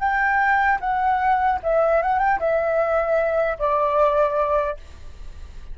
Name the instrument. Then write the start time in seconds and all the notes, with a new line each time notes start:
flute
0.00 G5
0.81 F#5
1.63 E5
2.02 F#5
2.20 G5
2.40 E5
3.59 D5